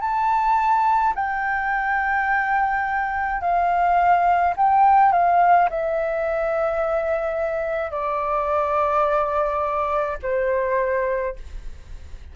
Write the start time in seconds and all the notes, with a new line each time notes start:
0.00 A5
1.15 G5
3.41 F5
4.56 G5
5.12 F5
5.69 E5
7.91 D5
10.22 C5